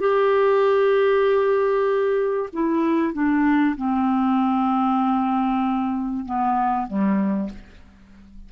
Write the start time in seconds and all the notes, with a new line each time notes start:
0.00 G4
2.53 E4
3.13 D4
3.77 C4
6.26 B3
6.88 G3